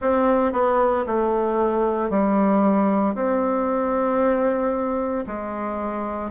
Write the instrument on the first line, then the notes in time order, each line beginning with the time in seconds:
bassoon
0.01 C4
0.52 B3
1.06 A3
2.10 G3
3.14 C4
5.26 G#3